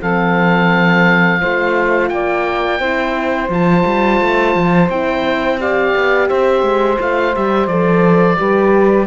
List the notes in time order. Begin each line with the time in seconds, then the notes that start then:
0.00 F3 C4 A4 F5
1.40 A3 F4 C5
2.08 A#3 D5 G5
2.79 C4 E4 C5
3.49 F3 F4 A5
3.85 G3
4.20 A3
4.55 F3
4.89 C4 E4 G5
5.59 G4 D5 F5
5.95 B3
6.28 C4 C5 E5
6.62 G#3
6.99 A3 F4 F5
7.34 G3 G4 E5
7.67 F3 A4 D5
8.37 G3 G4 B4